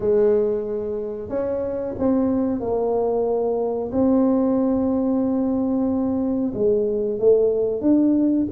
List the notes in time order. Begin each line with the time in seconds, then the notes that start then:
0.00 G#3
1.29 C#4
1.98 C4
2.60 A#3
3.91 C4
6.54 G#3
7.19 A3
7.81 D4